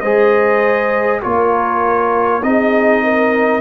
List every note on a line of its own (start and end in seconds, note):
0.00 1.22 G#3
0.00 1.22 G#4
0.00 1.21 C5
0.00 1.20 D#5
1.22 2.42 A#3
1.22 2.42 F4
1.22 2.43 A#4
1.22 2.43 C#5
2.42 3.61 C4
2.42 3.61 D#4
2.42 3.03 G#4
2.42 3.61 D#5
3.03 3.61 A#4